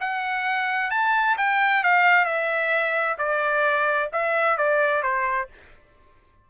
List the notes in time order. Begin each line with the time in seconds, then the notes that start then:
0.00 F#5
0.91 A5
1.37 G5
1.83 F5
2.25 E5
3.18 D5
4.12 E5
4.57 D5
5.02 C5